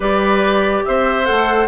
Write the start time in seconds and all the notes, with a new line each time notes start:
0.00 G3 G4 B4 D5
0.84 C4 C5 E5
1.25 A3 A4 F#5